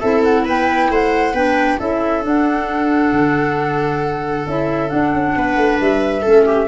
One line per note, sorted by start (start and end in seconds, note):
0.00 0.47 C4
0.00 1.35 E4
0.00 0.45 A4
0.00 0.22 E5
0.23 0.46 F#5
0.45 0.90 B3
0.45 0.89 B4
0.45 0.93 G5
0.90 1.33 A3
0.90 1.34 C5
0.90 1.35 F#5
1.33 1.78 B3
1.33 1.79 D4
1.33 1.78 B4
1.33 1.80 G5
1.79 2.25 C#4
1.79 2.22 E4
1.79 5.35 A4
1.79 2.24 E5
2.22 4.45 D4
2.22 3.12 D4
2.22 4.48 F#5
3.12 4.46 D3
4.47 4.91 C#4
4.47 4.88 E4
4.47 4.89 E5
4.88 6.22 D4
4.88 5.14 D4
4.88 5.78 F#5
5.14 5.36 C#4
5.36 5.57 B3
5.36 6.22 B4
5.57 5.79 A3
5.81 6.25 G3
5.81 6.68 E5
6.22 6.68 A3
6.22 6.68 C#4
6.22 6.45 A4
6.46 6.68 G4